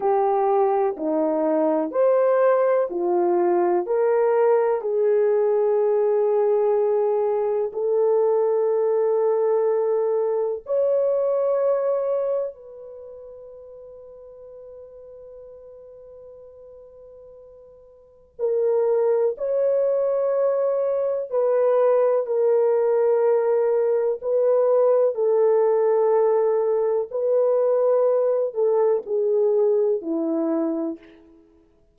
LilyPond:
\new Staff \with { instrumentName = "horn" } { \time 4/4 \tempo 4 = 62 g'4 dis'4 c''4 f'4 | ais'4 gis'2. | a'2. cis''4~ | cis''4 b'2.~ |
b'2. ais'4 | cis''2 b'4 ais'4~ | ais'4 b'4 a'2 | b'4. a'8 gis'4 e'4 | }